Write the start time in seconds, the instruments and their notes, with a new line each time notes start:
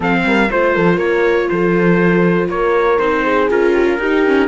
0.00 cello F3, viola C4, horn A4, trumpet F5
0.24 cello G3, horn A#4
0.50 cello A3, viola F4, horn C5, trumpet C5
0.74 cello F3, horn A4
0.95 cello A#3, horn A#4, trumpet C#5
1.49 cello F3, horn A4, trumpet C5
2.48 cello A#3, horn A#4, trumpet C#5
2.98 cello C4, viola D#4, trumpet C5
3.24 horn G#4
3.50 cello C#4, viola F4, trumpet A#4
3.73 horn G4
3.86 horn F4
3.98 cello D#4, viola D#4, horn G4
4.26 viola C#4